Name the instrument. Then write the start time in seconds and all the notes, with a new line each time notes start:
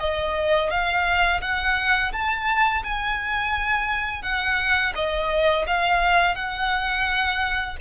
violin
0.00 D#5
0.71 F5
1.41 F#5
2.13 A5
2.84 G#5
4.23 F#5
4.95 D#5
5.67 F5
6.35 F#5